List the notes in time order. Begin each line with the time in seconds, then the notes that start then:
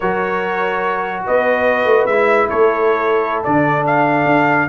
0.00 F#3 F#4 A#4 C#5
1.26 B3 B4 D#5
1.84 A3
2.05 G#3 E4 E5
2.49 A3 A4 C#5
3.43 D3 D4 D5
3.86 F5
4.25 D4